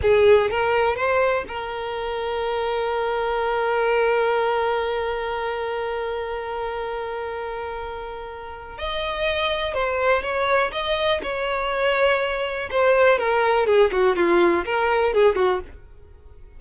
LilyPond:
\new Staff \with { instrumentName = "violin" } { \time 4/4 \tempo 4 = 123 gis'4 ais'4 c''4 ais'4~ | ais'1~ | ais'1~ | ais'1~ |
ais'2 dis''2 | c''4 cis''4 dis''4 cis''4~ | cis''2 c''4 ais'4 | gis'8 fis'8 f'4 ais'4 gis'8 fis'8 | }